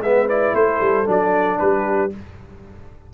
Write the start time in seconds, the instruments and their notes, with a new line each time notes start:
0.00 tuba G#3, trombone B3, horn B4, trumpet E5
0.28 trombone E4, trumpet D5
0.53 tuba A3, horn A4, trumpet C5
0.80 tuba G3
1.05 tuba F#3, trombone D4, trumpet D5
1.58 tuba G3, horn G4, trumpet B4